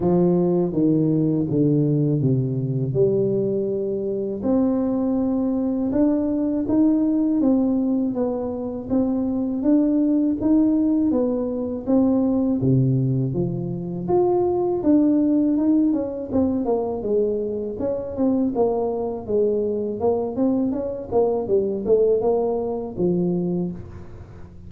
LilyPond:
\new Staff \with { instrumentName = "tuba" } { \time 4/4 \tempo 4 = 81 f4 dis4 d4 c4 | g2 c'2 | d'4 dis'4 c'4 b4 | c'4 d'4 dis'4 b4 |
c'4 c4 f4 f'4 | d'4 dis'8 cis'8 c'8 ais8 gis4 | cis'8 c'8 ais4 gis4 ais8 c'8 | cis'8 ais8 g8 a8 ais4 f4 | }